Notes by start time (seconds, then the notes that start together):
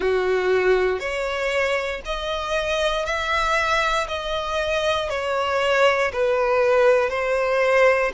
0.00 F#4
0.99 C#5
2.05 D#5
3.05 E5
4.07 D#5
5.09 C#5
6.12 B4
7.09 C5